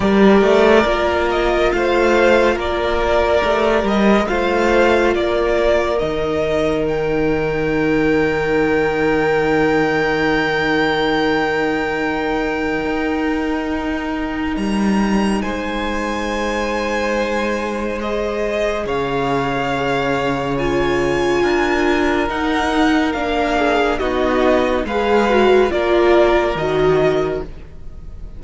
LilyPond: <<
  \new Staff \with { instrumentName = "violin" } { \time 4/4 \tempo 4 = 70 d''4. dis''8 f''4 d''4~ | d''8 dis''8 f''4 d''4 dis''4 | g''1~ | g''1~ |
g''4 ais''4 gis''2~ | gis''4 dis''4 f''2 | gis''2 fis''4 f''4 | dis''4 f''4 d''4 dis''4 | }
  \new Staff \with { instrumentName = "violin" } { \time 4/4 ais'2 c''4 ais'4~ | ais'4 c''4 ais'2~ | ais'1~ | ais'1~ |
ais'2 c''2~ | c''2 cis''2~ | cis''4 ais'2~ ais'8 gis'8 | fis'4 b'4 ais'2 | }
  \new Staff \with { instrumentName = "viola" } { \time 4/4 g'4 f'2. | g'4 f'2 dis'4~ | dis'1~ | dis'1~ |
dis'1~ | dis'4 gis'2. | f'2 dis'4 d'4 | dis'4 gis'8 fis'8 f'4 fis'4 | }
  \new Staff \with { instrumentName = "cello" } { \time 4/4 g8 a8 ais4 a4 ais4 | a8 g8 a4 ais4 dis4~ | dis1~ | dis2. dis'4~ |
dis'4 g4 gis2~ | gis2 cis2~ | cis4 d'4 dis'4 ais4 | b4 gis4 ais4 dis4 | }
>>